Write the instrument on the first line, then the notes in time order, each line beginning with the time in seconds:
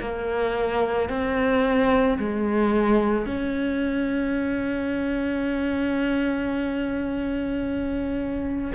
cello
0.00 A#3
1.09 C4
2.19 G#3
3.26 C#4